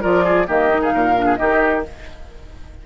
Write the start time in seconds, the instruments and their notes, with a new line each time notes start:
0.00 bassoon F3, clarinet F4, oboe A#4, flute D5
0.24 oboe G#4
0.46 bassoon D#3, clarinet A#3, oboe G4, flute D#5
0.68 clarinet D#4
0.81 oboe G#4, flute F5
0.93 bassoon A#2, oboe A#4
1.16 clarinet D4
1.25 oboe G#4
1.36 bassoon D#3, clarinet D#4, oboe G4, flute D#5